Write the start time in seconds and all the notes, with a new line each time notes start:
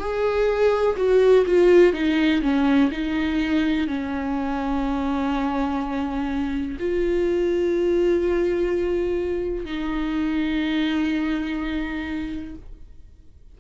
0.00 G#4
0.97 F#4
1.46 F4
1.94 D#4
2.42 C#4
2.92 D#4
3.88 C#4
6.80 F4
9.65 D#4